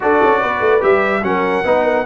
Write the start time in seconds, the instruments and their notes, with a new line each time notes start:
0.00 tuba D4, trombone F#4, horn A4, trumpet D5
0.23 tuba C#4
0.40 tuba B3, horn B4
0.60 tuba A3
0.80 tuba G3, trombone G4, trumpet E5
1.22 tuba F#3, trombone C#4, horn A#4, trumpet F#5
1.64 tuba B3, trombone D#4, horn B4
1.83 horn A#4